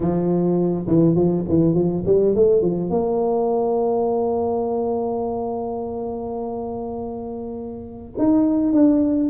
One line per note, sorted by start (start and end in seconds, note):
0.00 0.86 F3
0.87 1.15 E3
1.15 1.44 F3
1.48 1.74 E3
1.74 2.03 F3
2.05 2.35 G3
2.35 2.61 A3
2.61 2.90 F3
2.90 8.14 A#3
8.18 8.72 D#4
8.72 9.29 D4